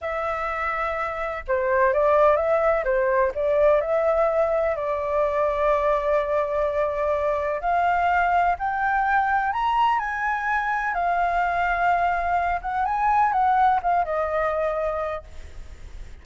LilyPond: \new Staff \with { instrumentName = "flute" } { \time 4/4 \tempo 4 = 126 e''2. c''4 | d''4 e''4 c''4 d''4 | e''2 d''2~ | d''1 |
f''2 g''2 | ais''4 gis''2 f''4~ | f''2~ f''8 fis''8 gis''4 | fis''4 f''8 dis''2~ dis''8 | }